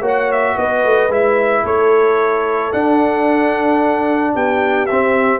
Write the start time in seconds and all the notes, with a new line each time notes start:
0.00 A#3 F#4 C#5
0.07 F#5
0.32 E5
0.56 B3 B4 D#5
0.84 A3
1.09 G#3 E4 E5
1.62 A3 A4 C#5
2.72 D4 F#5
4.34 B3 G4 G5
4.86 C4 E5